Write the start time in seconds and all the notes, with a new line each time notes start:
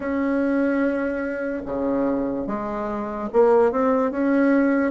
0.00 C#4
1.65 C#3
2.47 G#3
3.33 A#3
3.71 C4
4.11 C#4